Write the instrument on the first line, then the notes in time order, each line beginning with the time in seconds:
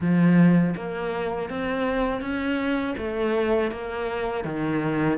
cello
0.00 F3
0.76 A#3
1.49 C4
2.21 C#4
2.97 A3
3.71 A#3
4.44 D#3